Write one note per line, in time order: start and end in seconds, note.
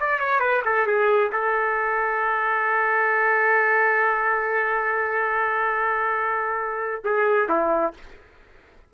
0.00 0.20 D5
0.20 0.40 C#5
0.40 0.62 B4
0.65 0.87 A4
0.87 1.32 G#4
1.32 7.03 A4
7.05 7.49 G#4
7.49 7.94 E4